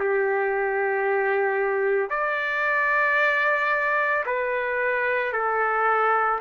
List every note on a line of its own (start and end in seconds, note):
0.00 2.10 G4
2.10 4.25 D5
4.26 5.33 B4
5.33 6.40 A4